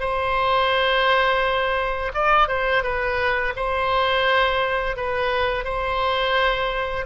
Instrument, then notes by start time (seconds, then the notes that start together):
oboe
0.00 C5
2.14 D5
2.48 C5
2.83 B4
3.56 C5
4.96 B4
5.64 C5